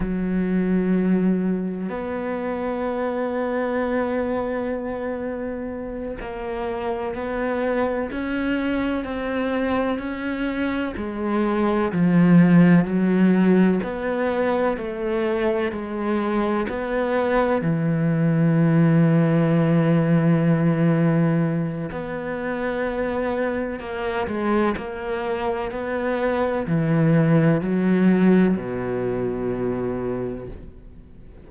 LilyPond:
\new Staff \with { instrumentName = "cello" } { \time 4/4 \tempo 4 = 63 fis2 b2~ | b2~ b8 ais4 b8~ | b8 cis'4 c'4 cis'4 gis8~ | gis8 f4 fis4 b4 a8~ |
a8 gis4 b4 e4.~ | e2. b4~ | b4 ais8 gis8 ais4 b4 | e4 fis4 b,2 | }